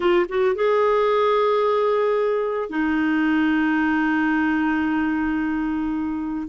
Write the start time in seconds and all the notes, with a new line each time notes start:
0.00 F4
0.28 F#4
0.55 G#4
2.69 D#4